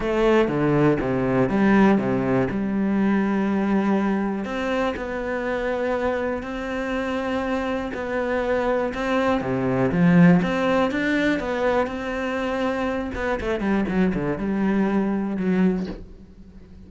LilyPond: \new Staff \with { instrumentName = "cello" } { \time 4/4 \tempo 4 = 121 a4 d4 c4 g4 | c4 g2.~ | g4 c'4 b2~ | b4 c'2. |
b2 c'4 c4 | f4 c'4 d'4 b4 | c'2~ c'8 b8 a8 g8 | fis8 d8 g2 fis4 | }